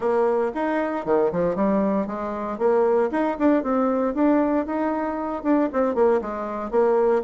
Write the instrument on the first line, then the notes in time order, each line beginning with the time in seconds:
bassoon
0.00 A#3
0.54 D#4
1.05 D#3
1.31 F3
1.55 G3
2.07 G#3
2.58 A#3
3.11 D#4
3.39 D4
3.63 C4
4.14 D4
4.66 D#4
5.43 D4
5.72 C4
5.94 A#3
6.21 G#3
6.71 A#3